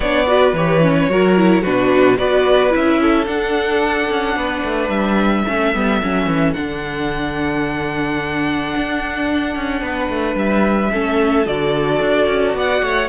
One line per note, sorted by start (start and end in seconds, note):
0.00 0.53 B3
0.00 0.26 D4
0.00 0.26 C#5
0.00 0.54 D5
0.26 0.54 F#4
0.26 1.09 B4
0.53 1.07 E3
0.53 0.82 G4
0.53 1.63 C#5
0.82 1.09 C#4
1.09 1.63 F#3
1.09 1.36 F#4
1.09 1.62 A#4
1.36 1.64 E4
1.62 2.19 B2
1.62 2.17 D4
1.62 2.16 F#4
1.62 2.17 B4
2.17 2.73 B3
2.17 2.70 F#4
2.17 3.00 B4
2.17 2.72 D5
2.70 3.26 C#4
2.70 3.24 E4
2.70 3.26 E5
3.01 4.38 A4
3.26 4.08 D4
3.26 5.45 D4
3.26 4.89 F#5
4.09 4.36 C#4
4.36 4.63 B3
4.36 5.46 B4
4.64 4.89 A3
4.89 5.43 G3
4.89 6.53 E5
5.46 5.75 A3
5.46 5.74 C#4
5.46 9.82 A4
5.74 6.02 G3
5.74 6.01 B3
6.02 6.25 F#3
6.02 6.55 C#4
6.25 6.53 E3
6.53 8.74 D3
6.53 10.91 D4
6.53 10.35 F#5
8.76 9.55 D4
9.55 9.81 C#4
9.81 10.08 B3
9.81 10.91 B4
10.09 10.35 A3
10.35 10.89 G3
10.35 11.46 E5
10.92 11.46 A3
10.92 11.45 C#4
10.92 12.55 A4
11.45 12.00 D3
11.45 13.08 F#4
11.45 12.55 D5
12.00 12.27 D4
12.27 12.54 C#4
12.54 12.81 B3
12.54 12.83 D5
12.54 13.08 F#5
12.82 13.08 A3
12.82 13.08 C#5